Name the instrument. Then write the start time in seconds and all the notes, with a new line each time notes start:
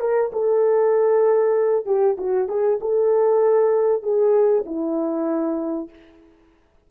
horn
0.00 A#4
0.32 A4
1.86 G4
2.17 F#4
2.48 G#4
2.80 A4
4.02 G#4
4.65 E4